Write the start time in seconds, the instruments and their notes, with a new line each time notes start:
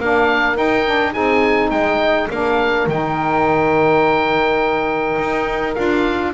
0.00 double bass A#3, saxophone D4, horn A#4, oboe F5
0.56 saxophone D#4, double bass D#4, oboe G5
0.85 saxophone D4
1.13 double bass C4, saxophone D#4, horn G#4, oboe G#5
1.71 double bass G#3, horn D#5, oboe G5
2.30 double bass A#3, saxophone D4, horn A#4, oboe F5
2.88 double bass D#3, saxophone D#4, oboe G5
5.19 double bass D#4
5.75 double bass D4, saxophone F4, oboe F5